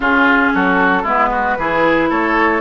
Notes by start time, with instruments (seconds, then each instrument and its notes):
0.00 bassoon C#3, clarinet C#4, oboe F4, flute G#4
0.54 bassoon F#3, oboe F#4, flute A4
1.03 bassoon G#3, clarinet B3, oboe E4, flute B4
1.31 oboe F#4
1.57 bassoon E3, clarinet E4, oboe G#4
2.09 bassoon A3, oboe A4, flute C#5